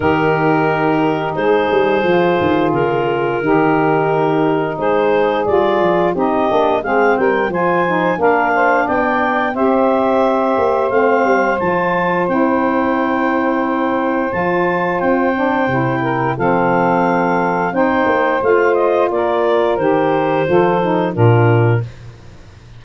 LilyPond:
<<
  \new Staff \with { instrumentName = "clarinet" } { \time 4/4 \tempo 4 = 88 ais'2 c''2 | ais'2. c''4 | d''4 dis''4 f''8 g''8 gis''4 | f''4 g''4 e''2 |
f''4 a''4 g''2~ | g''4 a''4 g''2 | f''2 g''4 f''8 dis''8 | d''4 c''2 ais'4 | }
  \new Staff \with { instrumentName = "saxophone" } { \time 4/4 g'2 gis'2~ | gis'4 g'2 gis'4~ | gis'4 g'4 gis'8 ais'8 c''4 | ais'8 c''8 d''4 c''2~ |
c''1~ | c''2.~ c''8 ais'8 | a'2 c''2 | ais'2 a'4 f'4 | }
  \new Staff \with { instrumentName = "saxophone" } { \time 4/4 dis'2. f'4~ | f'4 dis'2. | f'4 dis'8 d'8 c'4 f'8 dis'8 | d'2 g'2 |
c'4 f'4 e'2~ | e'4 f'4. d'8 e'4 | c'2 dis'4 f'4~ | f'4 g'4 f'8 dis'8 d'4 | }
  \new Staff \with { instrumentName = "tuba" } { \time 4/4 dis2 gis8 g8 f8 dis8 | cis4 dis2 gis4 | g8 f8 c'8 ais8 gis8 g8 f4 | ais4 b4 c'4. ais8 |
a8 g8 f4 c'2~ | c'4 f4 c'4 c4 | f2 c'8 ais8 a4 | ais4 dis4 f4 ais,4 | }
>>